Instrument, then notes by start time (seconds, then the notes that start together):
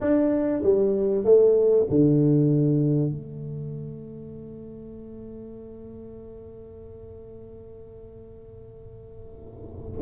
tuba
0.00 D4
0.62 G3
1.24 A3
1.89 D3
3.11 A3